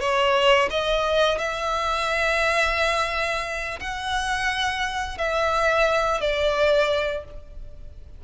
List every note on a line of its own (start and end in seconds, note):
0.00 0.69 C#5
0.70 1.38 D#5
1.38 3.79 E5
3.80 5.18 F#5
5.18 6.20 E5
6.20 7.24 D5